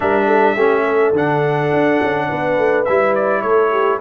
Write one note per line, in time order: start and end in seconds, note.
0.00 0.55 G3
0.00 0.57 D4
0.00 0.26 A#4
0.00 1.14 E5
0.26 0.55 A4
0.55 1.12 A3
0.55 1.14 C#4
0.55 0.84 G4
0.84 2.27 A4
1.12 1.69 D3
1.12 2.86 D4
1.12 2.85 F#5
1.73 2.01 D4
2.02 2.30 C#4
2.28 2.57 B3
2.28 3.42 B4
2.57 2.86 A3
2.85 3.42 G3
2.85 4.01 E4
2.85 3.13 E5
3.14 3.41 D5
3.41 4.00 A3
3.41 3.70 A4
3.41 3.98 C#5
3.70 3.99 G4